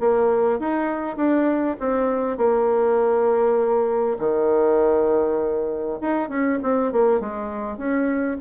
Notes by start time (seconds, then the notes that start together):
0.00 A#3
0.60 D#4
1.17 D4
1.80 C4
2.38 A#3
4.19 D#3
6.01 D#4
6.29 C#4
6.63 C4
6.92 A#3
7.21 G#3
7.78 C#4